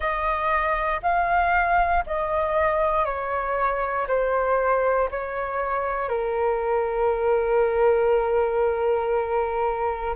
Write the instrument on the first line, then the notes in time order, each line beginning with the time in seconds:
flute
0.00 D#5
1.02 F5
2.06 D#5
3.05 C#5
4.07 C5
5.11 C#5
6.08 A#4